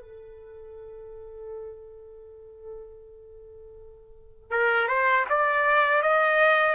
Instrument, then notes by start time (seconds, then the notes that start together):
trumpet
0.00 A4
4.50 A#4
4.88 C5
5.29 D5
6.02 D#5